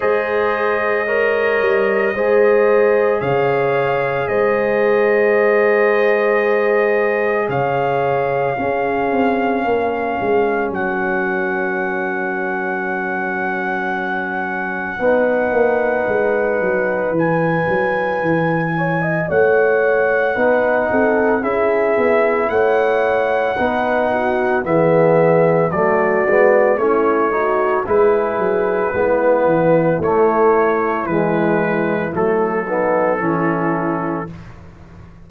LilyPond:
<<
  \new Staff \with { instrumentName = "trumpet" } { \time 4/4 \tempo 4 = 56 dis''2. f''4 | dis''2. f''4~ | f''2 fis''2~ | fis''1 |
gis''2 fis''2 | e''4 fis''2 e''4 | d''4 cis''4 b'2 | cis''4 b'4 a'2 | }
  \new Staff \with { instrumentName = "horn" } { \time 4/4 c''4 cis''4 c''4 cis''4 | c''2. cis''4 | gis'4 ais'2.~ | ais'2 b'2~ |
b'4. cis''16 dis''16 cis''4 b'8 a'8 | gis'4 cis''4 b'8 fis'8 gis'4 | fis'4 e'8 fis'8 gis'4 e'4~ | e'2~ e'8 dis'8 e'4 | }
  \new Staff \with { instrumentName = "trombone" } { \time 4/4 gis'4 ais'4 gis'2~ | gis'1 | cis'1~ | cis'2 dis'2 |
e'2. dis'4 | e'2 dis'4 b4 | a8 b8 cis'8 dis'8 e'4 b4 | a4 gis4 a8 b8 cis'4 | }
  \new Staff \with { instrumentName = "tuba" } { \time 4/4 gis4. g8 gis4 cis4 | gis2. cis4 | cis'8 c'8 ais8 gis8 fis2~ | fis2 b8 ais8 gis8 fis8 |
e8 fis8 e4 a4 b8 c'8 | cis'8 b8 a4 b4 e4 | fis8 gis8 a4 gis8 fis8 gis8 e8 | a4 e4 fis4 e4 | }
>>